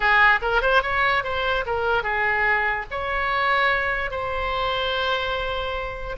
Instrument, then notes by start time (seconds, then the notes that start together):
oboe
0.00 G#4
0.41 A#4
0.61 C5
0.82 C#5
1.23 C5
1.66 A#4
2.03 G#4
2.90 C#5
4.11 C5